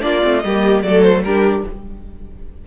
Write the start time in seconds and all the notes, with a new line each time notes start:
0.00 A#3 D4 F4 D5
0.22 A3 C4
0.39 G3 G4 D#5
0.47 A#3
0.83 F#3 A3 A4 D5
1.02 C5
1.23 G3 D4 G4 A#4